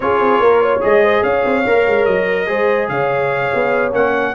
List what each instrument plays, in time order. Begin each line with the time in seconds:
0.00 tuba C#4, trombone F4, horn G#4, trumpet C#5
0.20 tuba C4
0.39 tuba A#3, horn A#4
0.62 horn C#5
0.80 tuba G#3, trombone G#4, trumpet D#5
1.02 horn C5
1.22 tuba C#4, horn C#5, trumpet F5
1.44 tuba C4
1.66 tuba A#3, trombone A#4
1.86 tuba G#3
2.05 tuba F#3, trumpet D#5
2.46 tuba G#3, trombone G#4, horn C5
2.88 tuba C#3, horn C#5, trumpet F5
3.54 tuba B3
3.92 tuba A#3, trombone C#4, trumpet F#5